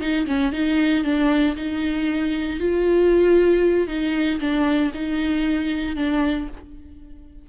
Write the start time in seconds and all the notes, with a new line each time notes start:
0.00 D#4
0.26 C#4
0.52 D#4
1.03 D4
1.56 D#4
2.59 F4
3.87 D#4
4.40 D4
4.94 D#4
5.96 D4